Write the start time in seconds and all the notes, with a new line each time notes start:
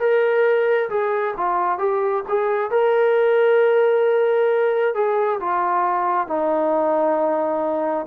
0.00 A#4
0.90 G#4
1.37 F4
1.79 G4
2.29 G#4
2.72 A#4
4.95 G#4
5.41 F4
6.28 D#4